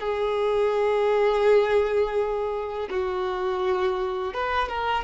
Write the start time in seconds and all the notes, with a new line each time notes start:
0.00 G#4
2.90 F#4
4.34 B4
4.69 A#4